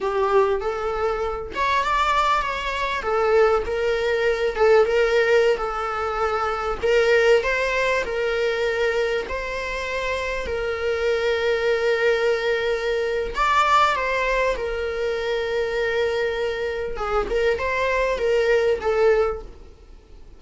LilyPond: \new Staff \with { instrumentName = "viola" } { \time 4/4 \tempo 4 = 99 g'4 a'4. cis''8 d''4 | cis''4 a'4 ais'4. a'8 | ais'4~ ais'16 a'2 ais'8.~ | ais'16 c''4 ais'2 c''8.~ |
c''4~ c''16 ais'2~ ais'8.~ | ais'2 d''4 c''4 | ais'1 | gis'8 ais'8 c''4 ais'4 a'4 | }